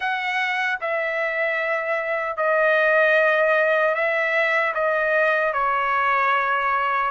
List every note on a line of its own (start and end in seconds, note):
0.00 0.79 F#5
0.80 2.36 E5
2.36 3.94 D#5
3.94 4.73 E5
4.74 5.53 D#5
5.53 7.11 C#5